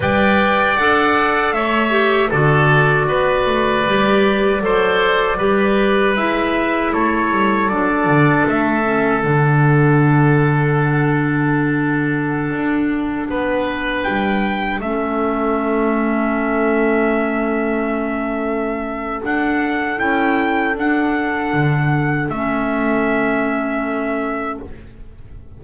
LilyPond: <<
  \new Staff \with { instrumentName = "trumpet" } { \time 4/4 \tempo 4 = 78 g''4 fis''4 e''4 d''4~ | d''1 | e''4 cis''4 d''4 e''4 | fis''1~ |
fis''2~ fis''16 g''4 e''8.~ | e''1~ | e''4 fis''4 g''4 fis''4~ | fis''4 e''2. | }
  \new Staff \with { instrumentName = "oboe" } { \time 4/4 d''2 cis''4 a'4 | b'2 c''4 b'4~ | b'4 a'2.~ | a'1~ |
a'4~ a'16 b'2 a'8.~ | a'1~ | a'1~ | a'1 | }
  \new Staff \with { instrumentName = "clarinet" } { \time 4/4 b'4 a'4. g'8 fis'4~ | fis'4 g'4 a'4 g'4 | e'2 d'4. cis'8 | d'1~ |
d'2.~ d'16 cis'8.~ | cis'1~ | cis'4 d'4 e'4 d'4~ | d'4 cis'2. | }
  \new Staff \with { instrumentName = "double bass" } { \time 4/4 g4 d'4 a4 d4 | b8 a8 g4 fis4 g4 | gis4 a8 g8 fis8 d8 a4 | d1~ |
d16 d'4 b4 g4 a8.~ | a1~ | a4 d'4 cis'4 d'4 | d4 a2. | }
>>